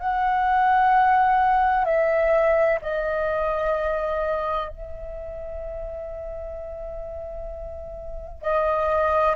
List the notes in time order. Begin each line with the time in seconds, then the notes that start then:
0.00 F#5
1.85 E5
2.82 D#5
4.69 E5
8.42 D#5